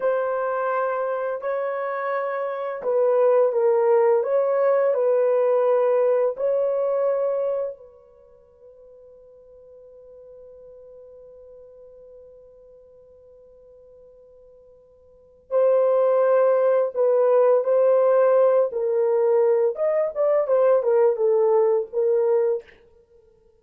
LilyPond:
\new Staff \with { instrumentName = "horn" } { \time 4/4 \tempo 4 = 85 c''2 cis''2 | b'4 ais'4 cis''4 b'4~ | b'4 cis''2 b'4~ | b'1~ |
b'1~ | b'2 c''2 | b'4 c''4. ais'4. | dis''8 d''8 c''8 ais'8 a'4 ais'4 | }